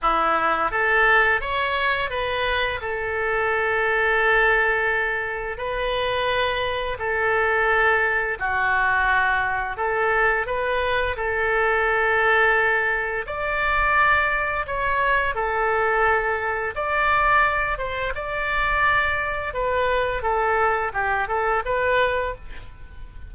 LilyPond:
\new Staff \with { instrumentName = "oboe" } { \time 4/4 \tempo 4 = 86 e'4 a'4 cis''4 b'4 | a'1 | b'2 a'2 | fis'2 a'4 b'4 |
a'2. d''4~ | d''4 cis''4 a'2 | d''4. c''8 d''2 | b'4 a'4 g'8 a'8 b'4 | }